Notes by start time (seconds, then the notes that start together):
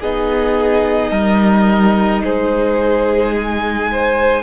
0.00 B3 D#4 G#4 D#5
1.11 G3 A#4
2.22 G#3 G#4 C5
3.35 G#5
3.91 C5